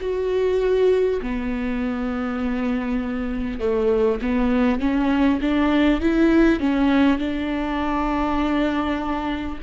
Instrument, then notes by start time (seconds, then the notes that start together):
viola
0.00 F#4
1.21 B3
3.59 A3
4.21 B3
4.80 C#4
5.41 D4
6.01 E4
6.59 C#4
7.18 D4